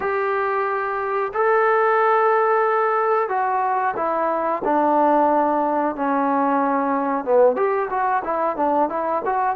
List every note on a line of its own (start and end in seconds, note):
0.00 1.32 G4
1.33 3.28 A4
3.28 3.94 F#4
3.96 4.62 E4
4.64 5.95 D4
5.95 7.24 C#4
7.24 7.56 B3
7.56 7.89 G4
7.89 8.22 F#4
8.24 8.56 E4
8.56 8.89 D4
8.89 9.22 E4
9.25 9.55 F#4